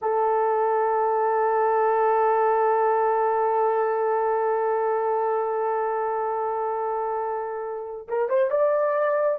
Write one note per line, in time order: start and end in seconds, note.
0.01 8.07 A4
8.08 8.29 A#4
8.29 8.50 C5
8.50 9.38 D5